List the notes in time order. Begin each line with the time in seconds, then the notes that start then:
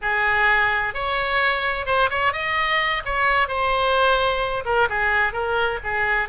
0.01 G#4
0.93 C#5
1.86 C5
2.10 C#5
2.33 D#5
3.05 C#5
3.48 C5
4.65 A#4
4.89 G#4
5.33 A#4
5.83 G#4